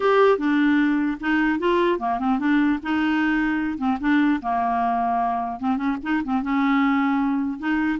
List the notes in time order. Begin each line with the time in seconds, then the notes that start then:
0.00 G4
0.37 D4
1.20 D#4
1.59 F4
1.99 A#3
2.19 C4
2.39 D4
2.82 D#4
3.77 C4
4.00 D4
4.42 A#3
5.60 C4
5.76 C#4
6.03 D#4
6.23 C4
6.42 C#4
7.58 D#4